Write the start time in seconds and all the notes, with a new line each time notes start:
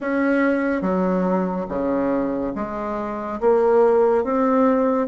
0.00 C#4
0.81 F#3
1.69 C#3
2.55 G#3
3.40 A#3
4.23 C4